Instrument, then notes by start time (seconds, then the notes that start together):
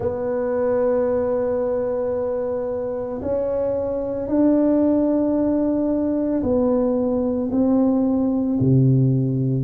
tuba
0.00 B3
3.21 C#4
4.28 D4
6.42 B3
7.51 C4
8.60 C3